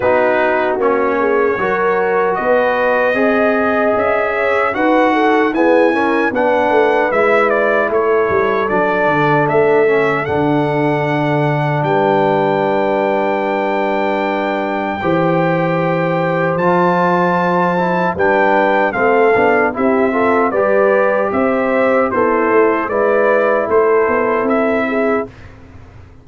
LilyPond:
<<
  \new Staff \with { instrumentName = "trumpet" } { \time 4/4 \tempo 4 = 76 b'4 cis''2 dis''4~ | dis''4 e''4 fis''4 gis''4 | fis''4 e''8 d''8 cis''4 d''4 | e''4 fis''2 g''4~ |
g''1~ | g''4 a''2 g''4 | f''4 e''4 d''4 e''4 | c''4 d''4 c''4 e''4 | }
  \new Staff \with { instrumentName = "horn" } { \time 4/4 fis'4. gis'8 ais'4 b'4 | dis''4. cis''8 b'8 a'8 gis'8 ais'8 | b'2 a'2~ | a'2. b'4~ |
b'2. c''4~ | c''2. b'4 | a'4 g'8 a'8 b'4 c''4 | e'4 b'4 a'4. gis'8 | }
  \new Staff \with { instrumentName = "trombone" } { \time 4/4 dis'4 cis'4 fis'2 | gis'2 fis'4 b8 cis'8 | d'4 e'2 d'4~ | d'8 cis'8 d'2.~ |
d'2. g'4~ | g'4 f'4. e'8 d'4 | c'8 d'8 e'8 f'8 g'2 | a'4 e'2. | }
  \new Staff \with { instrumentName = "tuba" } { \time 4/4 b4 ais4 fis4 b4 | c'4 cis'4 dis'4 e'4 | b8 a8 gis4 a8 g8 fis8 d8 | a4 d2 g4~ |
g2. e4~ | e4 f2 g4 | a8 b8 c'4 g4 c'4 | b8 a8 gis4 a8 b8 c'4 | }
>>